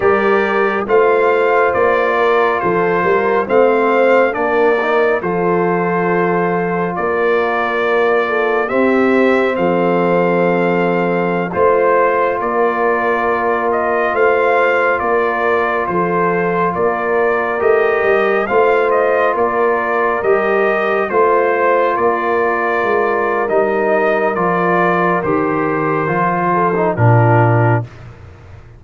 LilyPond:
<<
  \new Staff \with { instrumentName = "trumpet" } { \time 4/4 \tempo 4 = 69 d''4 f''4 d''4 c''4 | f''4 d''4 c''2 | d''2 e''4 f''4~ | f''4~ f''16 c''4 d''4. dis''16~ |
dis''16 f''4 d''4 c''4 d''8.~ | d''16 dis''4 f''8 dis''8 d''4 dis''8.~ | dis''16 c''4 d''4.~ d''16 dis''4 | d''4 c''2 ais'4 | }
  \new Staff \with { instrumentName = "horn" } { \time 4/4 ais'4 c''4. ais'8 a'8 ais'8 | c''4 ais'4 a'2 | ais'4. a'8 g'4 a'4~ | a'4~ a'16 c''4 ais'4.~ ais'16~ |
ais'16 c''4 ais'4 a'4 ais'8.~ | ais'4~ ais'16 c''4 ais'4.~ ais'16~ | ais'16 c''4 ais'2~ ais'8.~ | ais'2~ ais'8 a'8 f'4 | }
  \new Staff \with { instrumentName = "trombone" } { \time 4/4 g'4 f'2. | c'4 d'8 dis'8 f'2~ | f'2 c'2~ | c'4~ c'16 f'2~ f'8.~ |
f'1~ | f'16 g'4 f'2 g'8.~ | g'16 f'2~ f'8. dis'4 | f'4 g'4 f'8. dis'16 d'4 | }
  \new Staff \with { instrumentName = "tuba" } { \time 4/4 g4 a4 ais4 f8 g8 | a4 ais4 f2 | ais2 c'4 f4~ | f4~ f16 a4 ais4.~ ais16~ |
ais16 a4 ais4 f4 ais8.~ | ais16 a8 g8 a4 ais4 g8.~ | g16 a4 ais4 gis8. g4 | f4 dis4 f4 ais,4 | }
>>